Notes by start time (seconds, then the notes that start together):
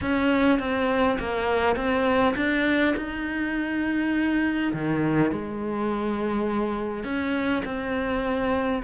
0.01 C#4
0.59 C4
1.19 A#3
1.75 C4
2.36 D4
2.96 D#4
4.73 D#3
5.31 G#3
7.04 C#4
7.64 C4